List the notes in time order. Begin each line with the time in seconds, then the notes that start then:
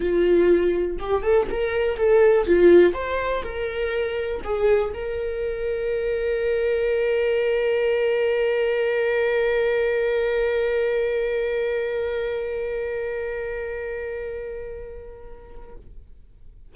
0.00 F4
0.99 G4
1.22 A4
1.50 A#4
1.97 A4
2.46 F4
2.93 C5
3.42 A#4
4.44 G#4
4.93 A#4